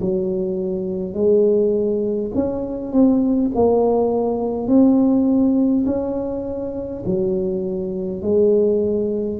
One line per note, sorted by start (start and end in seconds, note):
0.00 1.13 F#3
1.13 2.31 G#3
2.34 2.92 C#4
2.92 3.51 C4
3.55 4.67 A#3
4.67 5.84 C4
5.86 7.03 C#4
7.05 8.22 F#3
8.22 9.40 G#3